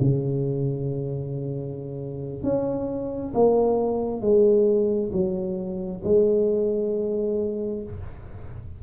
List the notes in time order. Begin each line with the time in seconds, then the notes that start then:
0.00 C#3
2.43 C#4
3.34 A#3
4.21 G#3
5.12 F#3
6.04 G#3